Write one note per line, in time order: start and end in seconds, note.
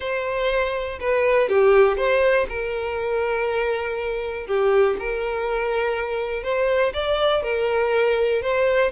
0.00 0.99 C5
1.00 1.48 B4
1.48 1.97 G4
1.97 2.46 C5
2.48 4.47 A#4
4.47 4.96 G4
4.99 6.43 A#4
6.43 6.92 C5
6.93 7.42 D5
7.42 8.42 A#4
8.42 8.91 C5